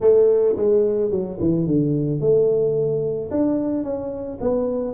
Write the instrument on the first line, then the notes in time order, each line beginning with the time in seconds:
tuba
0.01 A3
0.56 G#3
1.10 F#3
1.40 E3
1.66 D3
2.20 A3
3.30 D4
3.83 C#4
4.41 B3